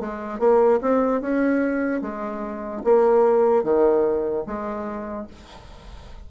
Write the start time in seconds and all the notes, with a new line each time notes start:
0.00 G#3
0.39 A#3
0.81 C4
1.21 C#4
2.02 G#3
2.84 A#3
3.64 D#3
4.46 G#3